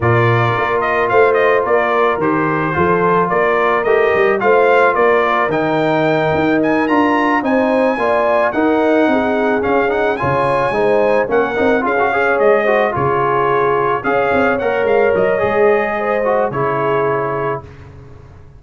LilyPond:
<<
  \new Staff \with { instrumentName = "trumpet" } { \time 4/4 \tempo 4 = 109 d''4. dis''8 f''8 dis''8 d''4 | c''2 d''4 dis''4 | f''4 d''4 g''2 | gis''8 ais''4 gis''2 fis''8~ |
fis''4. f''8 fis''8 gis''4.~ | gis''8 fis''4 f''4 dis''4 cis''8~ | cis''4. f''4 fis''8 f''8 dis''8~ | dis''2 cis''2 | }
  \new Staff \with { instrumentName = "horn" } { \time 4/4 ais'2 c''4 ais'4~ | ais'4 a'4 ais'2 | c''4 ais'2.~ | ais'4. c''4 d''4 ais'8~ |
ais'8 gis'2 cis''4 c''8~ | c''8 ais'4 gis'8 cis''4 c''8 gis'8~ | gis'4. cis''2~ cis''8~ | cis''4 c''4 gis'2 | }
  \new Staff \with { instrumentName = "trombone" } { \time 4/4 f'1 | g'4 f'2 g'4 | f'2 dis'2~ | dis'8 f'4 dis'4 f'4 dis'8~ |
dis'4. cis'8 dis'8 f'4 dis'8~ | dis'8 cis'8 dis'8 f'16 fis'16 gis'4 fis'8 f'8~ | f'4. gis'4 ais'4. | gis'4. fis'8 e'2 | }
  \new Staff \with { instrumentName = "tuba" } { \time 4/4 ais,4 ais4 a4 ais4 | dis4 f4 ais4 a8 g8 | a4 ais4 dis4. dis'8~ | dis'8 d'4 c'4 ais4 dis'8~ |
dis'8 c'4 cis'4 cis4 gis8~ | gis8 ais8 c'8 cis'4 gis4 cis8~ | cis4. cis'8 c'8 ais8 gis8 fis8 | gis2 cis2 | }
>>